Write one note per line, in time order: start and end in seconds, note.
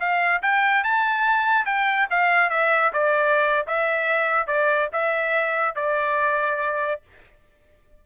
0.00 0.42 F5
0.43 0.84 G5
0.84 1.66 A5
1.66 2.08 G5
2.11 2.50 F5
2.50 2.92 E5
2.93 3.67 D5
3.67 4.47 E5
4.47 4.89 D5
4.93 5.76 E5
5.76 7.02 D5